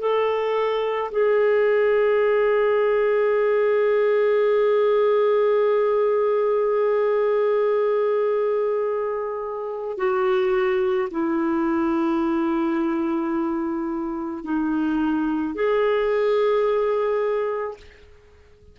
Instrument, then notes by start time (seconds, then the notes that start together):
clarinet
0.00 A4
1.12 G#4
9.98 F#4
11.11 E4
14.44 D#4
15.55 G#4